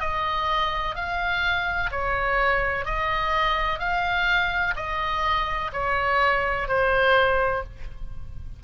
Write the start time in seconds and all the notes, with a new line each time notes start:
0.00 D#5
0.95 F5
1.91 C#5
2.85 D#5
3.79 F5
4.76 D#5
5.73 C#5
6.68 C5